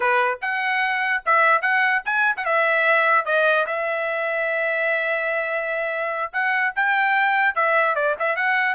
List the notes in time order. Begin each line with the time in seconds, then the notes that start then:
0.00 B4
0.41 F#5
1.25 E5
1.61 F#5
2.05 G#5
2.36 F#5
2.45 E5
3.25 D#5
3.66 E5
6.33 F#5
6.75 G5
7.55 E5
7.95 D5
8.19 E5
8.36 F#5